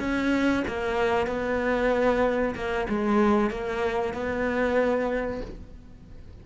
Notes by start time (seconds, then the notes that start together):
0.00 C#4
0.68 A#3
1.27 B3
2.56 A#3
2.89 G#3
3.50 A#3
4.14 B3